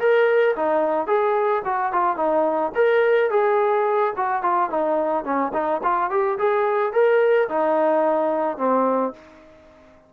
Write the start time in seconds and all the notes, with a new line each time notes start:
0.00 A#4
0.56 D#4
1.07 G#4
1.65 F#4
1.93 F4
2.17 D#4
2.75 A#4
3.31 G#4
4.17 F#4
4.43 F4
4.70 D#4
5.25 C#4
5.54 D#4
5.84 F4
6.11 G4
6.39 G#4
6.93 A#4
7.49 D#4
8.58 C4